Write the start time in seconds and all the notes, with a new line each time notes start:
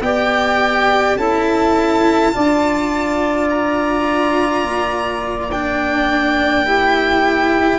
0.00 B3 G4 D5 G5
1.15 C#4 E4 A4 A5
2.32 D4 F4 D5
3.49 A#5
4.63 A#3
5.51 D4 G5
6.63 E4 G4